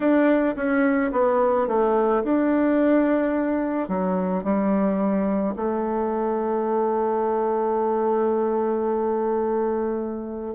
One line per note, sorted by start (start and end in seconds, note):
0.00 0.55 D4
0.56 1.11 C#4
1.11 1.67 B3
1.67 2.23 A3
2.23 3.88 D4
3.88 4.43 F#3
4.43 5.54 G3
5.56 10.54 A3